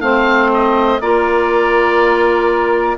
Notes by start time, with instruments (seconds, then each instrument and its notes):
0.00 bassoon A3, clarinet C4, saxophone C5, oboe F5
0.53 oboe D#5
1.00 bassoon A#3, clarinet F4, saxophone A#4, oboe D5